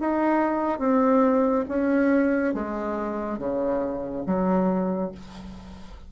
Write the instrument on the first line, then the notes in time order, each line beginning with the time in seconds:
bassoon
0.00 D#4
0.79 C4
1.68 C#4
2.54 G#3
3.39 C#3
4.26 F#3